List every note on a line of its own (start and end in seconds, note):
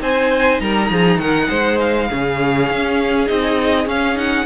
0.00 0.59 C4
0.00 2.09 D#4
0.00 0.61 C5
0.00 0.60 G#5
0.60 0.89 G3
0.60 0.91 A#4
0.60 1.19 A#5
0.90 1.17 F3
0.90 1.20 G#4
1.17 1.47 D#3
1.17 1.48 A#4
1.17 1.78 F#5
1.48 2.10 G#3
1.48 2.08 C5
1.80 3.27 F5
2.09 2.70 C#3
2.09 3.26 C#4
2.09 4.45 G#4
2.70 3.29 C#4
3.26 3.86 C4
3.26 3.85 D#4
3.26 3.87 D#5
3.86 4.45 C#4
3.86 4.14 C#4
3.86 4.18 F5
4.14 4.44 D#4
4.14 4.45 F#5